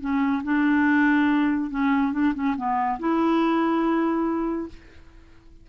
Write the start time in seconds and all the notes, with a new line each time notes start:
0.00 C#4
0.43 D4
1.70 C#4
2.12 D4
2.34 C#4
2.57 B3
2.99 E4